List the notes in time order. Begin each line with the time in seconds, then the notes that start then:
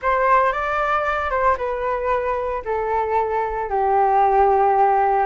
0.01 C5
0.52 D5
1.30 C5
1.57 B4
2.64 A4
3.69 G4